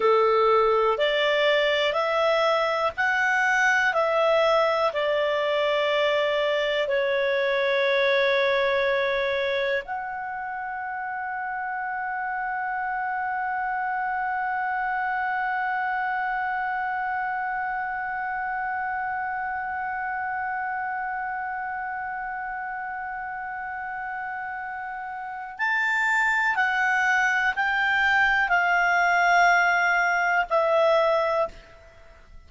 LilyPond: \new Staff \with { instrumentName = "clarinet" } { \time 4/4 \tempo 4 = 61 a'4 d''4 e''4 fis''4 | e''4 d''2 cis''4~ | cis''2 fis''2~ | fis''1~ |
fis''1~ | fis''1~ | fis''2 a''4 fis''4 | g''4 f''2 e''4 | }